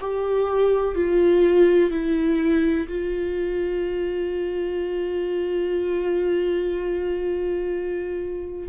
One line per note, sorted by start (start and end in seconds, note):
0.00 0.95 G4
0.95 1.90 F4
1.90 2.87 E4
2.88 8.68 F4